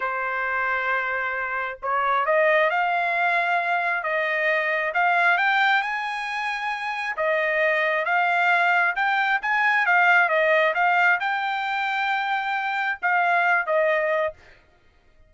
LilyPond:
\new Staff \with { instrumentName = "trumpet" } { \time 4/4 \tempo 4 = 134 c''1 | cis''4 dis''4 f''2~ | f''4 dis''2 f''4 | g''4 gis''2. |
dis''2 f''2 | g''4 gis''4 f''4 dis''4 | f''4 g''2.~ | g''4 f''4. dis''4. | }